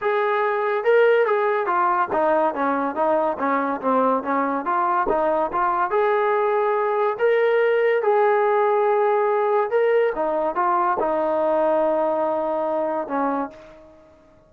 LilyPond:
\new Staff \with { instrumentName = "trombone" } { \time 4/4 \tempo 4 = 142 gis'2 ais'4 gis'4 | f'4 dis'4 cis'4 dis'4 | cis'4 c'4 cis'4 f'4 | dis'4 f'4 gis'2~ |
gis'4 ais'2 gis'4~ | gis'2. ais'4 | dis'4 f'4 dis'2~ | dis'2. cis'4 | }